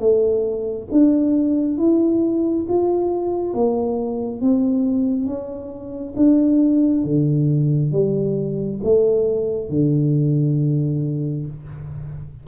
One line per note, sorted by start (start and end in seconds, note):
0.00 0.88 A3
0.92 1.78 D4
1.78 2.67 E4
2.69 3.54 F4
3.54 4.42 A#3
4.42 5.27 C4
5.27 6.15 C#4
6.17 7.05 D4
7.05 7.93 D3
7.93 8.81 G3
8.84 9.70 A3
9.70 11.47 D3